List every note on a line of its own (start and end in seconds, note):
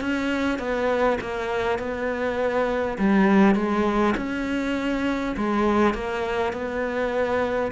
0.00 0.59 C#4
0.59 1.18 B3
1.21 1.78 A#3
1.78 2.97 B3
2.98 3.55 G3
3.55 4.14 G#3
4.16 5.35 C#4
5.37 5.94 G#3
5.94 6.52 A#3
6.52 7.71 B3